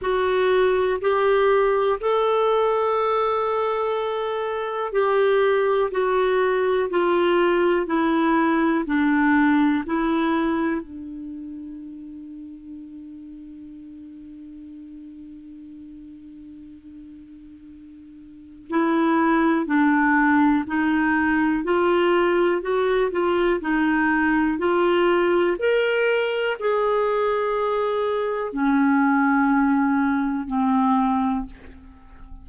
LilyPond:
\new Staff \with { instrumentName = "clarinet" } { \time 4/4 \tempo 4 = 61 fis'4 g'4 a'2~ | a'4 g'4 fis'4 f'4 | e'4 d'4 e'4 d'4~ | d'1~ |
d'2. e'4 | d'4 dis'4 f'4 fis'8 f'8 | dis'4 f'4 ais'4 gis'4~ | gis'4 cis'2 c'4 | }